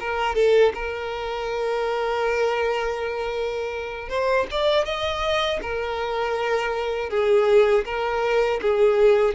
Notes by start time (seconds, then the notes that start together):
0.00 A#4
0.35 A4
0.74 A#4
4.09 C5
4.51 D5
4.85 D#5
5.61 A#4
7.09 G#4
7.85 A#4
8.61 G#4